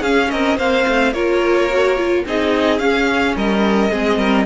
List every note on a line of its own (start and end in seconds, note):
0.00 0.29 C#4
0.00 0.58 C#4
0.00 0.28 G#4
0.00 0.30 F5
0.30 0.57 C4
0.30 0.57 A#4
0.30 0.58 D#5
0.57 0.85 A#3
0.57 1.14 C4
0.57 1.12 C5
0.57 1.13 F5
0.87 1.13 A3
1.13 2.24 A#3
1.13 1.69 F4
1.13 2.24 A#4
1.13 2.24 C#5
1.69 1.97 F#4
1.97 2.24 F4
2.26 2.79 C4
2.26 2.79 D#4
2.26 3.36 G#4
2.26 2.79 D#5
2.79 3.34 C#4
2.79 3.90 C#4
2.79 3.34 F5
3.35 3.91 G3
3.35 3.91 A#4
3.35 4.46 D#5
3.91 4.17 G#3
3.91 4.46 C4
3.91 4.17 G#4
4.17 4.45 G3
4.17 4.45 A#4